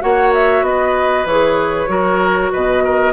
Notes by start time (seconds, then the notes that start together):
0.00 A#3 F#4 C#5 F#5
0.33 E5
0.62 B3 B4 D#5
1.25 E3 G#4 C#5
1.87 F#3 F#4 A#4
2.52 B2 B4 D#5
2.84 A#4